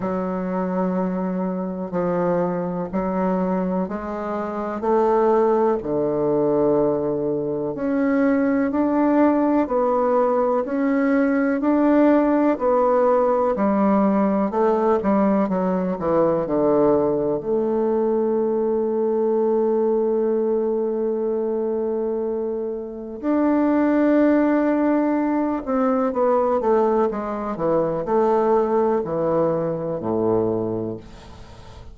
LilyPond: \new Staff \with { instrumentName = "bassoon" } { \time 4/4 \tempo 4 = 62 fis2 f4 fis4 | gis4 a4 d2 | cis'4 d'4 b4 cis'4 | d'4 b4 g4 a8 g8 |
fis8 e8 d4 a2~ | a1 | d'2~ d'8 c'8 b8 a8 | gis8 e8 a4 e4 a,4 | }